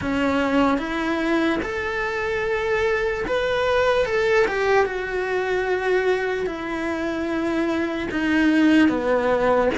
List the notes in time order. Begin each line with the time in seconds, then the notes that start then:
0.01 C#4
0.78 E4
1.62 A4
3.27 B4
4.05 A4
4.47 G4
4.85 F#4
6.46 E4
8.11 D#4
8.88 B3